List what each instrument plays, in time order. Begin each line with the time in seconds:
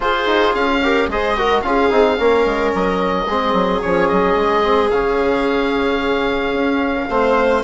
0.00 trombone F4, bassoon F4, viola G#4, oboe C5
0.26 bassoon D#4
0.54 bassoon C#4, oboe F5
0.83 trombone G4, viola A#4
1.08 bassoon G#3, trombone G#4, viola C5, oboe D#5
1.37 trombone F#4, viola A#4
1.61 bassoon C#4, trombone F4, viola G#4, oboe F5
1.90 bassoon C4, trombone D#4
2.17 bassoon A#3, trombone C#4, viola A#4
2.45 bassoon G#3
2.74 bassoon F#3, oboe D#5
3.26 bassoon G#3, trombone C4, viola G#4
3.53 bassoon F#3
3.81 bassoon F3, trombone C#4, oboe C#5
4.08 bassoon F#3, oboe D#5
4.35 bassoon G#3
4.63 trombone C4
4.90 bassoon C#3, trombone C#4, oboe F5
6.52 bassoon C#4
6.95 viola A#4
7.09 bassoon A3, trombone C4, viola C5